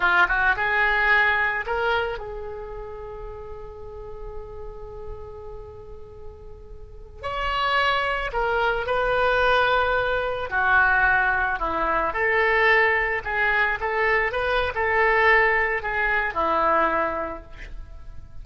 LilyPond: \new Staff \with { instrumentName = "oboe" } { \time 4/4 \tempo 4 = 110 f'8 fis'8 gis'2 ais'4 | gis'1~ | gis'1~ | gis'4~ gis'16 cis''2 ais'8.~ |
ais'16 b'2. fis'8.~ | fis'4~ fis'16 e'4 a'4.~ a'16~ | a'16 gis'4 a'4 b'8. a'4~ | a'4 gis'4 e'2 | }